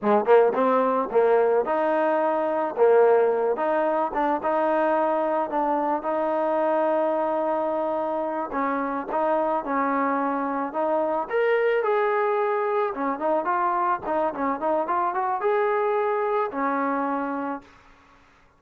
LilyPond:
\new Staff \with { instrumentName = "trombone" } { \time 4/4 \tempo 4 = 109 gis8 ais8 c'4 ais4 dis'4~ | dis'4 ais4. dis'4 d'8 | dis'2 d'4 dis'4~ | dis'2.~ dis'8 cis'8~ |
cis'8 dis'4 cis'2 dis'8~ | dis'8 ais'4 gis'2 cis'8 | dis'8 f'4 dis'8 cis'8 dis'8 f'8 fis'8 | gis'2 cis'2 | }